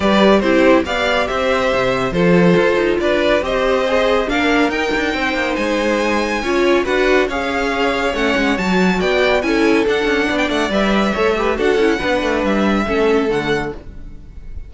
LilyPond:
<<
  \new Staff \with { instrumentName = "violin" } { \time 4/4 \tempo 4 = 140 d''4 c''4 f''4 e''4~ | e''4 c''2 d''4 | dis''2 f''4 g''4~ | g''4 gis''2. |
fis''4 f''2 fis''4 | a''4 g''4 gis''4 fis''4~ | fis''16 g''16 fis''8 e''2 fis''4~ | fis''4 e''2 fis''4 | }
  \new Staff \with { instrumentName = "violin" } { \time 4/4 b'4 g'4 d''4 c''4~ | c''4 a'2 b'4 | c''2 ais'2 | c''2. cis''4 |
b'4 cis''2.~ | cis''4 d''4 a'2 | d''2 cis''8 b'8 a'4 | b'2 a'2 | }
  \new Staff \with { instrumentName = "viola" } { \time 4/4 g'4 e'4 g'2~ | g'4 f'2. | g'4 gis'4 d'4 dis'4~ | dis'2. f'4 |
fis'4 gis'2 cis'4 | fis'2 e'4 d'4~ | d'4 b'4 a'8 g'8 fis'8 e'8 | d'2 cis'4 a4 | }
  \new Staff \with { instrumentName = "cello" } { \time 4/4 g4 c'4 b4 c'4 | c4 f4 f'8 dis'8 d'4 | c'2 ais4 dis'8 d'8 | c'8 ais8 gis2 cis'4 |
d'4 cis'2 a8 gis8 | fis4 b4 cis'4 d'8 cis'8 | b8 a8 g4 a4 d'8 cis'8 | b8 a8 g4 a4 d4 | }
>>